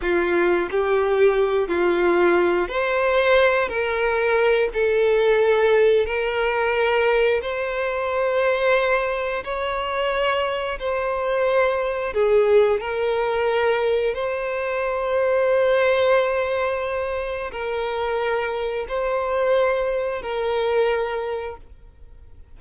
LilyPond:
\new Staff \with { instrumentName = "violin" } { \time 4/4 \tempo 4 = 89 f'4 g'4. f'4. | c''4. ais'4. a'4~ | a'4 ais'2 c''4~ | c''2 cis''2 |
c''2 gis'4 ais'4~ | ais'4 c''2.~ | c''2 ais'2 | c''2 ais'2 | }